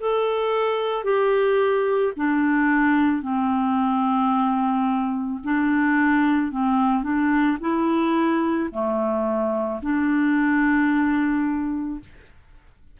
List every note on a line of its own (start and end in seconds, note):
0.00 1.04 A4
1.04 2.13 G4
2.16 3.22 D4
3.22 5.40 C4
5.43 6.52 D4
6.52 7.03 C4
7.03 7.58 D4
7.60 8.69 E4
8.71 9.80 A3
9.82 12.00 D4